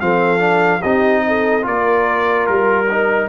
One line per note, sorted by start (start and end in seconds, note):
0.00 0.84 F3
0.00 0.39 C4
0.00 0.80 A4
0.00 0.82 F5
0.39 0.80 D4
0.80 1.66 C4
0.80 1.62 D#4
0.80 1.21 G4
0.80 1.64 D#5
1.27 1.66 A4
1.62 2.48 A#3
1.62 2.85 F4
1.62 3.29 A#4
1.62 2.46 D5
2.46 3.29 G3
2.46 3.29 A#4
2.90 3.29 D#4